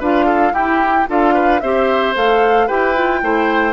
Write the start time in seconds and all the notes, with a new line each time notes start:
0.00 D4 F4 B4 F5
0.26 A4
0.53 E4 G4 G5
1.08 D4 F4 A4 F5
1.34 B4
1.60 C4 G4 C5 E5
2.15 A3 A4 F5
2.67 E4 G4 B4 G5
2.96 F4
3.22 A3 E4 C5